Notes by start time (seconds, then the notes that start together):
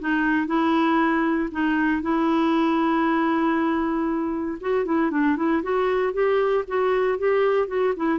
0.00 D#4
0.47 E4
1.52 D#4
2.02 E4
4.61 F#4
4.85 E4
5.11 D4
5.37 E4
5.63 F#4
6.13 G4
6.68 F#4
7.18 G4
7.68 F#4
7.97 E4